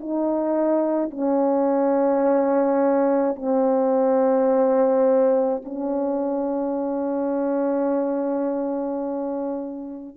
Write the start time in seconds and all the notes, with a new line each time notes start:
0.00 D#4
1.10 C#4
3.36 C4
5.64 C#4